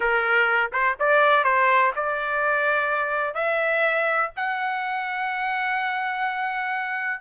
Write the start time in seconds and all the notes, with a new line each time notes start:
0.00 A#4
0.72 C5
0.99 D5
1.44 C5
1.95 D5
3.34 E5
4.36 F#5